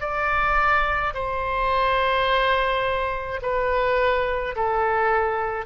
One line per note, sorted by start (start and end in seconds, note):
0.00 1.13 D5
1.14 3.40 C5
3.42 4.55 B4
4.55 5.66 A4